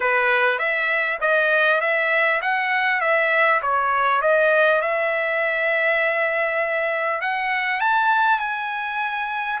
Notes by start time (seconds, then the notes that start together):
0.00 B4
0.58 E5
1.20 D#5
1.80 E5
2.41 F#5
3.00 E5
3.62 C#5
4.21 D#5
4.81 E5
7.21 F#5
7.80 A5
8.39 G#5